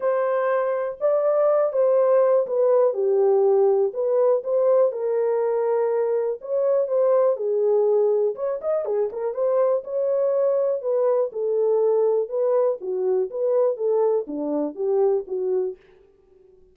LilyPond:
\new Staff \with { instrumentName = "horn" } { \time 4/4 \tempo 4 = 122 c''2 d''4. c''8~ | c''4 b'4 g'2 | b'4 c''4 ais'2~ | ais'4 cis''4 c''4 gis'4~ |
gis'4 cis''8 dis''8 gis'8 ais'8 c''4 | cis''2 b'4 a'4~ | a'4 b'4 fis'4 b'4 | a'4 d'4 g'4 fis'4 | }